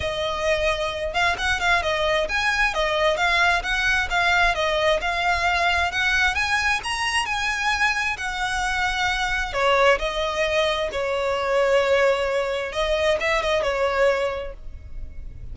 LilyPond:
\new Staff \with { instrumentName = "violin" } { \time 4/4 \tempo 4 = 132 dis''2~ dis''8 f''8 fis''8 f''8 | dis''4 gis''4 dis''4 f''4 | fis''4 f''4 dis''4 f''4~ | f''4 fis''4 gis''4 ais''4 |
gis''2 fis''2~ | fis''4 cis''4 dis''2 | cis''1 | dis''4 e''8 dis''8 cis''2 | }